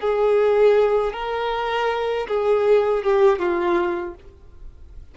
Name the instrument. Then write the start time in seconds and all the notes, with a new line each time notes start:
violin
0.00 G#4
1.13 A#4
2.28 G#4
3.03 G4
3.38 F4